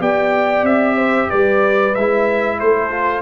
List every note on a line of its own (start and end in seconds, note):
0.00 0.63 B3
0.00 1.94 G4
0.00 0.96 D5
0.00 0.66 G5
0.63 1.28 C4
0.63 1.31 E5
0.96 1.28 C5
1.29 1.97 G3
1.29 2.58 B4
1.29 1.95 D5
1.95 2.61 G#3
1.95 2.91 E4
1.95 2.60 E5
2.60 3.22 A3
2.60 3.22 A4
2.60 3.22 C5
2.91 3.22 F4